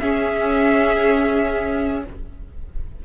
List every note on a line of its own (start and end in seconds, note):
0.00 2.04 C#4
0.00 2.06 C#4
0.00 2.05 G#4
0.00 2.03 E5